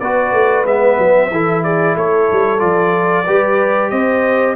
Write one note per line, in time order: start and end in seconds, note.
0.00 0.33 B3
0.00 0.66 F#4
0.00 1.31 B4
0.00 0.65 D5
0.33 0.65 A3
0.65 0.98 G#3
0.65 1.31 B3
0.65 1.64 E5
0.98 1.31 F#3
1.31 1.96 E3
1.31 2.59 E4
1.31 1.64 A4
1.64 1.96 G#4
1.64 1.96 D5
1.96 2.29 A3
1.96 3.26 A4
1.96 2.60 C#5
2.32 2.62 G3
2.59 3.27 F3
2.59 3.24 F4
2.59 3.90 D5
3.26 3.92 G3
3.26 4.57 G4
3.26 3.91 B4
3.90 4.57 C4
3.90 4.57 C5
3.90 4.55 D#5